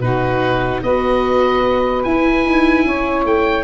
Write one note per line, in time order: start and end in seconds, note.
0.00 0.81 B2
0.00 0.84 D#4
0.00 0.83 F#4
0.00 0.82 B4
0.83 2.05 B3
0.83 2.07 F#4
0.83 2.86 B4
0.83 2.03 D#5
2.03 2.45 E4
2.03 3.64 E4
2.03 3.25 G#5
2.45 2.85 D#4
2.85 3.25 C#4
2.85 3.64 C#5
3.25 3.64 A3
3.25 3.64 G5